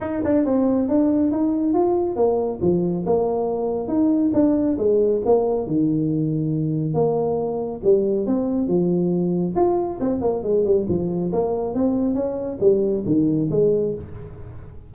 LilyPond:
\new Staff \with { instrumentName = "tuba" } { \time 4/4 \tempo 4 = 138 dis'8 d'8 c'4 d'4 dis'4 | f'4 ais4 f4 ais4~ | ais4 dis'4 d'4 gis4 | ais4 dis2. |
ais2 g4 c'4 | f2 f'4 c'8 ais8 | gis8 g8 f4 ais4 c'4 | cis'4 g4 dis4 gis4 | }